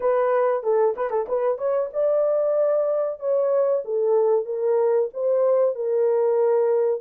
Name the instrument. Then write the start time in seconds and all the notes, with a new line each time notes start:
horn
0.00 B4
0.63 A4
0.96 B4
1.10 A4
1.28 B4
1.58 C#5
1.93 D5
3.19 C#5
3.84 A4
4.45 A#4
5.13 C5
5.75 A#4